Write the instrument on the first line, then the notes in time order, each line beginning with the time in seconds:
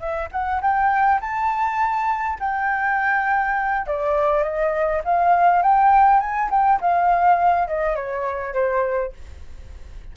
flute
0.00 E5
0.32 F#5
0.62 G5
1.21 A5
2.40 G5
3.87 D5
4.44 D#5
5.05 F5
5.63 G5
6.21 G#5
6.51 G5
6.81 F5
7.68 D#5
7.96 C#5
8.54 C5